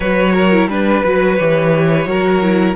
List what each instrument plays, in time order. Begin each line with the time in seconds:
0.00 cello F#3, viola F#4, violin B4 C#5
0.34 violin A#4
0.52 viola E4
0.67 cello G3, viola D4, violin B4
1.04 cello F#3, viola F#4
1.36 cello E3, viola G4, violin C#5
2.05 cello F#3, viola F#4, violin A#4
2.41 viola E4